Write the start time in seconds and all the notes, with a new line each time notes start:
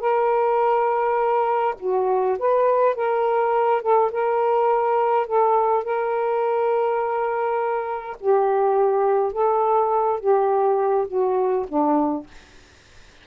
0.00 A#4
1.80 F#4
2.39 B4
2.95 A#4
3.82 A4
4.11 A#4
5.27 A4
5.84 A#4
8.20 G4
9.32 A4
10.20 G4
11.08 F#4
11.68 D4